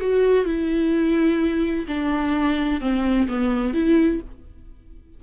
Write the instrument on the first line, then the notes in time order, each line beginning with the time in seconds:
viola
0.00 F#4
0.45 E4
1.87 D4
2.80 C4
3.28 B3
3.73 E4